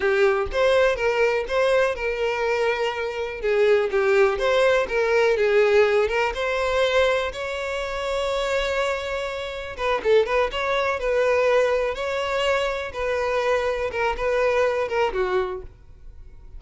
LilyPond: \new Staff \with { instrumentName = "violin" } { \time 4/4 \tempo 4 = 123 g'4 c''4 ais'4 c''4 | ais'2. gis'4 | g'4 c''4 ais'4 gis'4~ | gis'8 ais'8 c''2 cis''4~ |
cis''1 | b'8 a'8 b'8 cis''4 b'4.~ | b'8 cis''2 b'4.~ | b'8 ais'8 b'4. ais'8 fis'4 | }